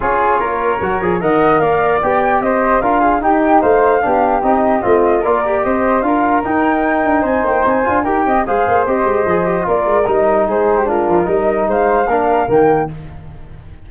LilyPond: <<
  \new Staff \with { instrumentName = "flute" } { \time 4/4 \tempo 4 = 149 cis''2. fis''4 | f''4 g''4 dis''4 f''4 | g''4 f''2 dis''4~ | dis''4 d''4 dis''4 f''4 |
g''2 gis''8 g''8 gis''4 | g''4 f''4 dis''2 | d''4 dis''4 c''4 ais'4 | dis''4 f''2 g''4 | }
  \new Staff \with { instrumentName = "flute" } { \time 4/4 gis'4 ais'2 dis''4 | d''2 c''4 ais'8 gis'8 | g'4 c''4 g'2 | f'4 ais'4 c''4 ais'4~ |
ais'2 c''2 | ais'8 dis''8 c''2. | ais'2 gis'8. g'16 f'4 | ais'4 c''4 ais'2 | }
  \new Staff \with { instrumentName = "trombone" } { \time 4/4 f'2 fis'8 gis'8 ais'4~ | ais'4 g'2 f'4 | dis'2 d'4 dis'4 | c'4 f'8 g'4. f'4 |
dis'2.~ dis'8 f'8 | g'4 gis'4 g'4 gis'8 g'8 | f'4 dis'2 d'4 | dis'2 d'4 ais4 | }
  \new Staff \with { instrumentName = "tuba" } { \time 4/4 cis'4 ais4 fis8 f8 dis4 | ais4 b4 c'4 d'4 | dis'4 a4 b4 c'4 | a4 ais4 c'4 d'4 |
dis'4. d'8 c'8 ais8 c'8 d'8 | dis'8 c'8 gis8 ais8 c'8 gis8 f4 | ais8 gis8 g4 gis4. f8 | g4 gis4 ais4 dis4 | }
>>